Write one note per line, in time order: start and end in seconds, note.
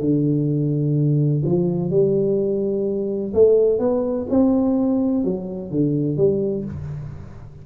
0.00 1.43 D3
1.45 1.90 F3
1.90 3.33 G3
3.33 3.79 A3
3.79 4.26 B3
4.30 5.24 C4
5.24 5.71 F#3
5.71 6.17 D3
6.17 6.64 G3